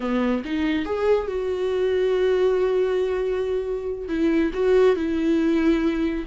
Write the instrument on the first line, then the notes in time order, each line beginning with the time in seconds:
viola
0.00 B3
0.44 D#4
0.85 G#4
1.27 F#4
4.08 E4
4.53 F#4
4.95 E4